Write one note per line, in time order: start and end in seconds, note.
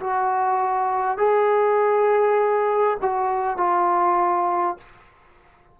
0.00 1.18 F#4
1.18 2.98 G#4
3.02 3.57 F#4
3.57 4.77 F4